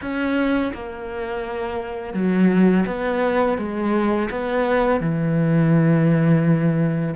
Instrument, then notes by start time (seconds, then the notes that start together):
cello
0.01 C#4
0.73 A#3
2.13 F#3
2.86 B3
3.57 G#3
4.30 B3
5.00 E3